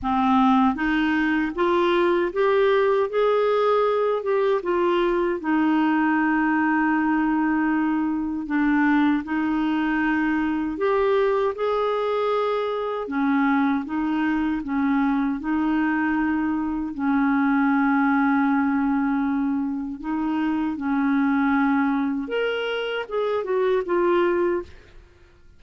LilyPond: \new Staff \with { instrumentName = "clarinet" } { \time 4/4 \tempo 4 = 78 c'4 dis'4 f'4 g'4 | gis'4. g'8 f'4 dis'4~ | dis'2. d'4 | dis'2 g'4 gis'4~ |
gis'4 cis'4 dis'4 cis'4 | dis'2 cis'2~ | cis'2 dis'4 cis'4~ | cis'4 ais'4 gis'8 fis'8 f'4 | }